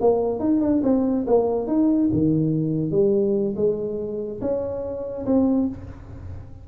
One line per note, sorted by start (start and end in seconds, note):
0.00 0.39 A#3
0.39 0.60 D#4
0.61 0.82 D4
0.83 1.25 C4
1.27 1.67 A#3
1.67 2.09 D#4
2.12 2.91 D#3
2.91 3.55 G3
3.56 4.40 G#3
4.41 5.25 C#4
5.26 5.68 C4